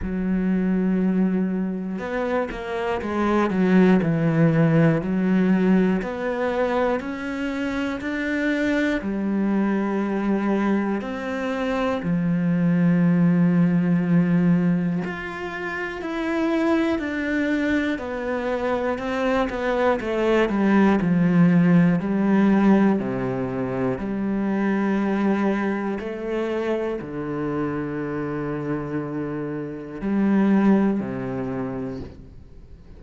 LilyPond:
\new Staff \with { instrumentName = "cello" } { \time 4/4 \tempo 4 = 60 fis2 b8 ais8 gis8 fis8 | e4 fis4 b4 cis'4 | d'4 g2 c'4 | f2. f'4 |
e'4 d'4 b4 c'8 b8 | a8 g8 f4 g4 c4 | g2 a4 d4~ | d2 g4 c4 | }